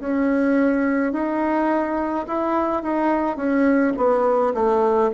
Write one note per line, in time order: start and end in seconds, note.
0.00 1.13 C#4
1.13 2.26 D#4
2.27 2.83 E4
2.83 3.37 D#4
3.37 3.93 C#4
3.97 4.53 B3
4.54 5.11 A3